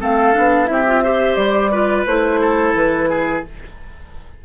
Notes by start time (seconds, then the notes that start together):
0.00 A3 C4 A4 F5
0.33 B3 D4
0.66 C4 E4 E5
0.72 G4
0.87 F4
1.03 G4 C5
1.35 G3 D5
1.71 F4 B4
2.06 A3 E4 C5
2.41 A4
2.74 E3 B4
3.10 G#4